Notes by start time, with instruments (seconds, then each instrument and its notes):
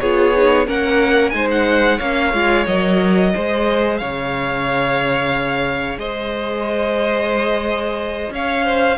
0.00 cello B3, viola F4, violin G#4 C#5
0.36 viola D#4
0.66 cello A#3, viola C#4, violin A#4 F#5
1.30 cello G#3, viola D#4, violin C5 G#5
1.51 violin F#5
1.97 cello A#3, viola C#4, violin C#5 F5
2.33 cello G#3, viola F4
2.66 cello F#3, viola A#4, violin D#5
3.33 cello G#3, viola G#4, violin C5
3.98 cello C#3, violin C#5 F5
5.97 cello G#3, violin C5 D#5
8.30 cello C#4, violin C#5 F5
8.64 violin C5